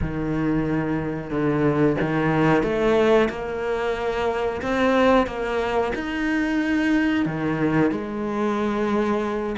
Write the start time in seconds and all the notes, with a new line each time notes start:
0.01 D#3
1.30 D3
2.00 D#3
2.62 A3
3.29 A#3
4.62 C4
5.27 A#3
5.94 D#4
7.25 D#3
7.91 G#3